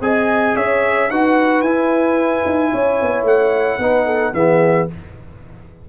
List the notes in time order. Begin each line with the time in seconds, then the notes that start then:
0.00 C4 G#4 D#5 G#5
0.55 C#4 C#5 E5
1.10 D#4 F#4 B4 F#5
1.61 E4 G#5
2.45 D#4
2.71 C#4 C#5
3.01 B3
3.23 A3 F#5
3.78 B3 D#4 B4
4.05 A4
4.33 E3 B3 G#4 E5